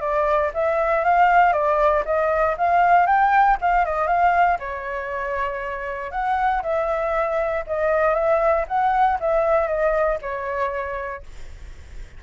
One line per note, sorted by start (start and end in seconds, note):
0.00 0.51 D5
0.54 1.04 E5
1.04 1.53 F5
1.53 2.03 D5
2.05 2.56 D#5
2.57 3.06 F5
3.06 3.57 G5
3.61 3.85 F5
3.85 4.07 D#5
4.07 4.58 F5
4.59 6.11 C#5
6.11 6.62 F#5
6.62 7.64 E5
7.67 8.14 D#5
8.14 8.65 E5
8.67 9.18 F#5
9.20 9.67 E5
9.67 10.18 D#5
10.21 11.23 C#5